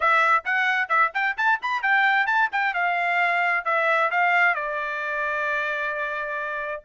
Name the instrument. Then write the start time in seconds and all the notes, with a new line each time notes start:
trumpet
0.00 E5
0.44 F#5
0.88 E5
1.14 G5
1.37 A5
1.62 B5
1.82 G5
2.26 A5
2.52 G5
2.74 F5
3.64 E5
4.10 F5
4.54 D5